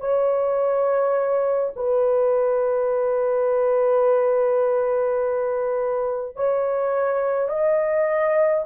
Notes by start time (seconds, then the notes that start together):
0.00 C#5
1.76 B4
6.36 C#5
7.48 D#5